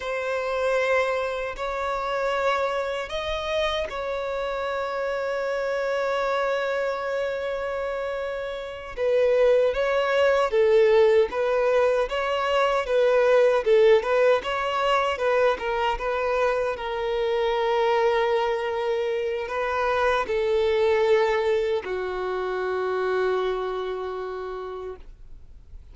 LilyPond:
\new Staff \with { instrumentName = "violin" } { \time 4/4 \tempo 4 = 77 c''2 cis''2 | dis''4 cis''2.~ | cis''2.~ cis''8 b'8~ | b'8 cis''4 a'4 b'4 cis''8~ |
cis''8 b'4 a'8 b'8 cis''4 b'8 | ais'8 b'4 ais'2~ ais'8~ | ais'4 b'4 a'2 | fis'1 | }